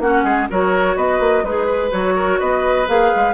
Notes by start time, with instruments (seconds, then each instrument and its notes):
0.00 bassoon A#3, clarinet C#4, oboe F#4, flute F#5
0.24 bassoon G#3, oboe G#4
0.50 bassoon F#3, clarinet F#4, oboe A#4, flute C#5
0.96 bassoon B3, oboe B4, flute D#5
1.20 bassoon A#3
1.44 bassoon G#3, oboe D#4, clarinet G#4, flute B4
1.66 oboe B4
1.91 bassoon F#3, clarinet F#4, flute C#5
2.16 oboe A#4
2.40 bassoon B3, oboe B4, flute D#5
2.87 bassoon A#3, clarinet G#4, flute F5
3.16 bassoon G#3